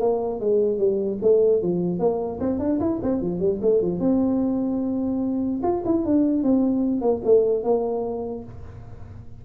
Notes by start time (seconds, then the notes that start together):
0.00 A#3
0.40 G#3
0.78 G3
1.22 A3
1.62 F3
1.99 A#3
2.40 C4
2.59 D4
2.80 E4
3.02 C4
3.21 F3
3.40 G3
3.62 A3
3.81 F3
4.00 C4
5.62 F4
5.85 E4
6.05 D4
6.43 C4
7.01 A#3
7.24 A3
7.63 A#3